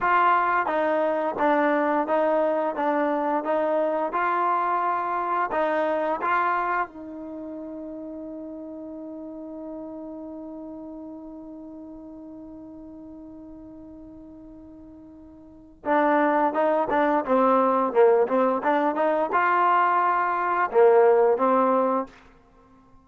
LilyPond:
\new Staff \with { instrumentName = "trombone" } { \time 4/4 \tempo 4 = 87 f'4 dis'4 d'4 dis'4 | d'4 dis'4 f'2 | dis'4 f'4 dis'2~ | dis'1~ |
dis'1~ | dis'2. d'4 | dis'8 d'8 c'4 ais8 c'8 d'8 dis'8 | f'2 ais4 c'4 | }